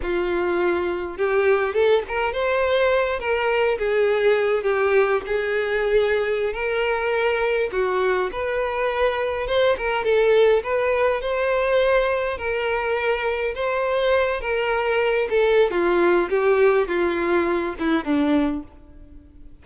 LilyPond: \new Staff \with { instrumentName = "violin" } { \time 4/4 \tempo 4 = 103 f'2 g'4 a'8 ais'8 | c''4. ais'4 gis'4. | g'4 gis'2~ gis'16 ais'8.~ | ais'4~ ais'16 fis'4 b'4.~ b'16~ |
b'16 c''8 ais'8 a'4 b'4 c''8.~ | c''4~ c''16 ais'2 c''8.~ | c''8. ais'4. a'8. f'4 | g'4 f'4. e'8 d'4 | }